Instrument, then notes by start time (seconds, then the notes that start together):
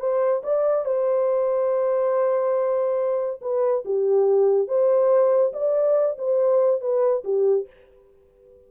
horn
0.00 C5
0.44 D5
0.85 C5
3.42 B4
3.85 G4
4.68 C5
5.53 D5
6.18 C5
6.81 B4
7.24 G4